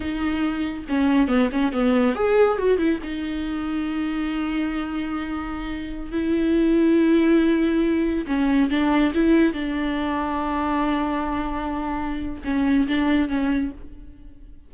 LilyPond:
\new Staff \with { instrumentName = "viola" } { \time 4/4 \tempo 4 = 140 dis'2 cis'4 b8 cis'8 | b4 gis'4 fis'8 e'8 dis'4~ | dis'1~ | dis'2~ dis'16 e'4.~ e'16~ |
e'2.~ e'16 cis'8.~ | cis'16 d'4 e'4 d'4.~ d'16~ | d'1~ | d'4 cis'4 d'4 cis'4 | }